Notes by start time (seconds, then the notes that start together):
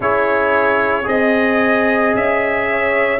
0.00 C#4 E4 G#4 C#5
1.04 C4 G#4 D#5
2.15 C#4 E5
2.70 C#5